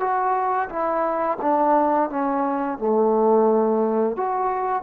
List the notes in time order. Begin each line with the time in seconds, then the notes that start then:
0.00 F#4
0.69 E4
1.42 D4
2.10 C#4
2.78 A3
4.16 F#4